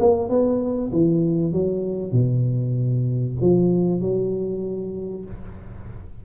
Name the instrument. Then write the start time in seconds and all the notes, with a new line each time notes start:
tuba
0.00 A#3
0.30 B3
0.93 E3
1.53 F#3
2.12 B2
3.41 F3
4.01 F#3